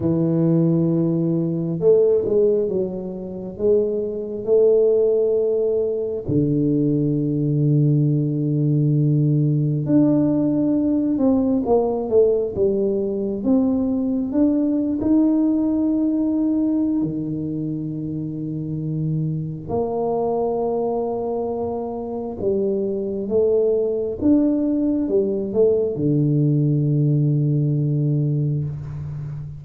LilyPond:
\new Staff \with { instrumentName = "tuba" } { \time 4/4 \tempo 4 = 67 e2 a8 gis8 fis4 | gis4 a2 d4~ | d2. d'4~ | d'8 c'8 ais8 a8 g4 c'4 |
d'8. dis'2~ dis'16 dis4~ | dis2 ais2~ | ais4 g4 a4 d'4 | g8 a8 d2. | }